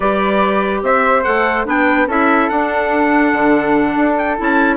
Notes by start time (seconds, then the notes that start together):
0.00 G3 G4 B4 D5
0.82 C4 C5 E5
1.23 A3 A4 F#5
1.65 B3 D4 B4 G5
2.07 C#4 E4 A4 E5
2.49 D4 F#5
3.32 D3
3.96 D4
4.17 G5
4.37 C#4 E4 A5